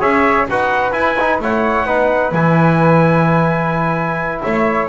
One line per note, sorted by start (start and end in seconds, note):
0.00 0.47 C#4
0.00 0.47 G#4
0.00 0.47 C#5
0.00 0.48 E5
0.49 0.92 D#4
0.49 0.92 F#4
0.49 1.42 B4
0.49 0.93 F#5
0.92 1.15 E4
0.92 1.39 E4
0.92 1.39 G#5
1.20 1.42 D#4
1.39 1.85 A3
1.39 1.87 E4
1.39 1.86 C#5
1.39 2.34 F#5
1.85 2.32 B3
1.85 2.34 D#4
1.85 4.42 B4
2.32 4.41 E3
2.32 4.89 E4
2.32 4.42 G#5
4.42 4.89 A3
4.42 4.89 C#5
4.42 4.88 E5